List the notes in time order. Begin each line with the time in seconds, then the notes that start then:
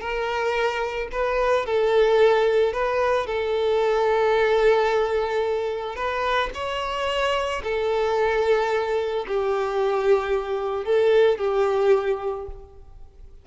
0.00 A#4
1.11 B4
1.66 A4
2.72 B4
3.26 A4
5.95 B4
6.54 C#5
7.63 A4
9.27 G4
10.85 A4
11.38 G4